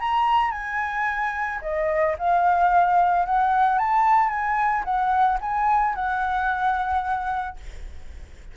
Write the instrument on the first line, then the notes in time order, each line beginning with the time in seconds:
flute
0.00 A#5
0.52 G#5
1.62 D#5
2.19 F5
3.26 F#5
3.78 A5
4.29 G#5
4.85 F#5
5.41 G#5
5.95 F#5